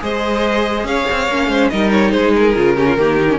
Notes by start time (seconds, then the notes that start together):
0.00 G#3 G#4 C5 D#5
0.84 C#4 C#5 F5
1.11 C4
1.28 A#3 C#4
1.47 G#3 C5
1.70 G3 D#4 A#4 D#5
1.91 C#5
2.11 G#3 G#4 C5
2.35 A#4
2.56 C#3 F4
2.76 C#4 G4
2.86 F4
2.97 D#3 A#3 G4
3.20 D#4
3.29 C#4